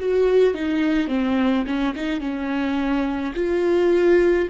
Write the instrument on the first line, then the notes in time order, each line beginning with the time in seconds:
viola
0.00 F#4
0.55 D#4
1.08 C4
1.67 C#4
1.96 D#4
2.20 C#4
3.36 F4